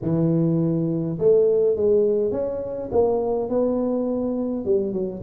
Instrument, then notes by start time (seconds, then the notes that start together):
tuba
0.02 E3
1.18 A3
1.76 G#3
2.31 C#4
2.91 A#3
3.49 B3
4.65 G3
4.92 F#3